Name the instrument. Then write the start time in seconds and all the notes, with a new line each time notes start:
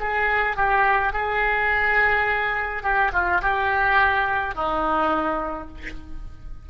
oboe
0.00 G#4
0.57 G4
1.13 G#4
2.83 G4
3.13 F4
3.42 G4
4.55 D#4